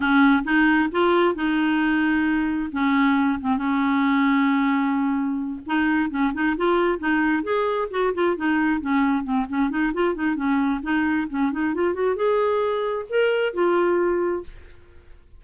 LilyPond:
\new Staff \with { instrumentName = "clarinet" } { \time 4/4 \tempo 4 = 133 cis'4 dis'4 f'4 dis'4~ | dis'2 cis'4. c'8 | cis'1~ | cis'8 dis'4 cis'8 dis'8 f'4 dis'8~ |
dis'8 gis'4 fis'8 f'8 dis'4 cis'8~ | cis'8 c'8 cis'8 dis'8 f'8 dis'8 cis'4 | dis'4 cis'8 dis'8 f'8 fis'8 gis'4~ | gis'4 ais'4 f'2 | }